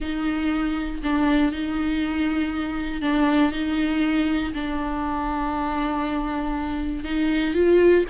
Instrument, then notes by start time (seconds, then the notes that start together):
viola
0.00 D#4
1.03 D4
1.52 D#4
3.01 D4
3.52 D#4
4.54 D4
7.04 D#4
7.54 F4